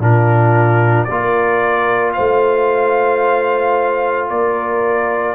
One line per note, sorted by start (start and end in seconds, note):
0.00 1.07 A#2
0.00 1.08 D4
0.00 1.08 F4
0.00 1.05 A#4
1.05 2.17 A#3
1.05 5.35 F4
1.05 2.15 A#4
1.05 2.12 D5
2.13 4.30 A3
2.13 4.29 C5
2.13 4.28 F5
4.29 5.35 A#3
4.29 5.35 A#4
4.29 5.35 D5